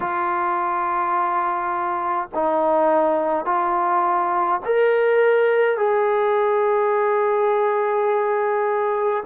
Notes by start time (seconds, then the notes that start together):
0.00 F4
2.34 D#4
3.45 F4
4.65 A#4
5.77 G#4